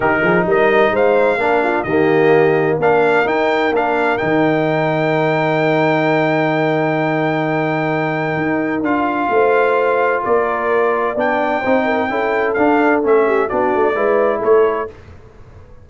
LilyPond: <<
  \new Staff \with { instrumentName = "trumpet" } { \time 4/4 \tempo 4 = 129 ais'4 dis''4 f''2 | dis''2 f''4 g''4 | f''4 g''2.~ | g''1~ |
g''2. f''4~ | f''2 d''2 | g''2. f''4 | e''4 d''2 cis''4 | }
  \new Staff \with { instrumentName = "horn" } { \time 4/4 g'8 gis'8 ais'4 c''4 ais'8 f'8 | g'2 ais'2~ | ais'1~ | ais'1~ |
ais'1 | c''2 ais'2 | d''4 c''8 ais'8 a'2~ | a'8 g'8 fis'4 b'4 a'4 | }
  \new Staff \with { instrumentName = "trombone" } { \time 4/4 dis'2. d'4 | ais2 d'4 dis'4 | d'4 dis'2.~ | dis'1~ |
dis'2. f'4~ | f'1 | d'4 dis'4 e'4 d'4 | cis'4 d'4 e'2 | }
  \new Staff \with { instrumentName = "tuba" } { \time 4/4 dis8 f8 g4 gis4 ais4 | dis2 ais4 dis'4 | ais4 dis2.~ | dis1~ |
dis2 dis'4 d'4 | a2 ais2 | b4 c'4 cis'4 d'4 | a4 b8 a8 gis4 a4 | }
>>